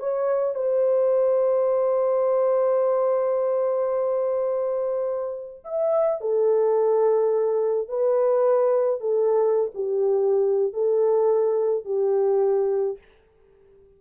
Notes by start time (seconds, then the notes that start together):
0.00 C#5
0.55 C5
5.64 E5
6.21 A4
7.89 B4
9.01 A4
9.75 G4
10.73 A4
11.85 G4